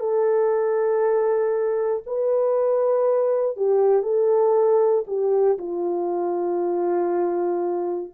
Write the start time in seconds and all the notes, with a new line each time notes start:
0.00 A4
2.06 B4
3.57 G4
4.03 A4
5.07 G4
5.59 F4